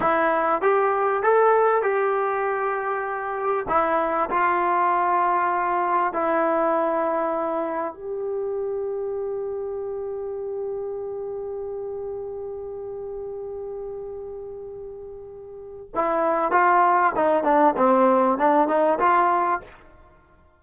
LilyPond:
\new Staff \with { instrumentName = "trombone" } { \time 4/4 \tempo 4 = 98 e'4 g'4 a'4 g'4~ | g'2 e'4 f'4~ | f'2 e'2~ | e'4 g'2.~ |
g'1~ | g'1~ | g'2 e'4 f'4 | dis'8 d'8 c'4 d'8 dis'8 f'4 | }